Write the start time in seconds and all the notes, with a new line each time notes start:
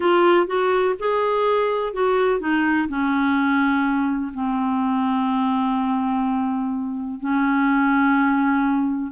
0.00 F4
0.46 F#4
0.99 G#4
1.93 F#4
2.40 D#4
2.88 C#4
4.33 C4
7.20 C#4